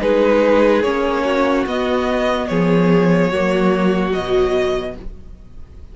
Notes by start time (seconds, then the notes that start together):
0.00 G#3 D#4 G#4 B4
0.82 A#3 C#4 C#5
1.24 F#4
1.66 B3 D#5
2.47 F3 G#4 C#5
3.30 F#3 A#3 F#4
4.11 B2 F#3 D#5